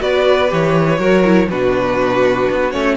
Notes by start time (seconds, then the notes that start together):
0.00 B3 F#4 B4 D5
0.49 E3 G4 C#5
0.98 F#3 F#4 A#4
1.24 E4
1.49 B2 D4 F#4 B4
2.51 B3
2.71 A3 C#4 C#5